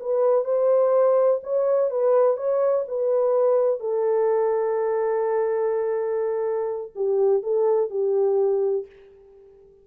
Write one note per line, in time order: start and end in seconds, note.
0.00 0.45 B4
0.45 1.41 C5
1.43 1.91 C#5
1.91 2.37 B4
2.37 2.85 C#5
2.88 3.80 B4
3.80 6.92 A4
6.95 7.43 G4
7.43 7.90 A4
7.90 8.86 G4